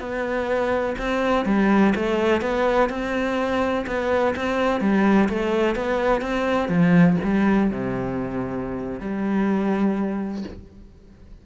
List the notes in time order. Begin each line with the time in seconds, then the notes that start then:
0.00 B3
0.99 C4
1.46 G3
1.95 A3
2.41 B3
2.90 C4
3.87 B3
4.36 C4
4.81 G3
5.29 A3
5.75 B3
6.22 C4
6.69 F3
7.23 G3
7.71 C3
9.00 G3